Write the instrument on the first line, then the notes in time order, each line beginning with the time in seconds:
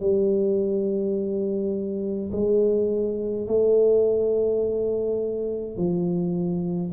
tuba
0.00 G3
2.32 G#3
3.47 A3
5.77 F3